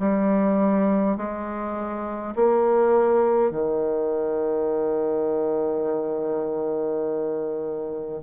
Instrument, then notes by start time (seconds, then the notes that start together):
bassoon
0.00 G3
1.17 G#3
2.36 A#3
3.51 D#3